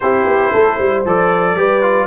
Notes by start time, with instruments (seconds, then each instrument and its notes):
0.00 tuba C4, trombone E4, horn G4, trumpet C5
0.26 tuba B3
0.52 tuba A3, horn A4
0.76 tuba G3, horn C5
1.05 tuba F3, trombone A4, trumpet D5
1.56 tuba G3, trombone G4, horn B4
1.82 trombone F4